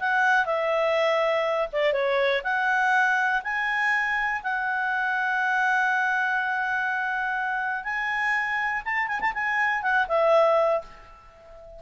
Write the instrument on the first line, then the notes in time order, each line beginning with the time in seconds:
clarinet
0.00 F#5
0.46 E5
1.73 D5
1.93 C#5
2.44 F#5
3.44 G#5
4.44 F#5
7.84 G#5
8.85 A5
9.08 G#5
9.21 A5
9.34 G#5
9.82 F#5
10.08 E5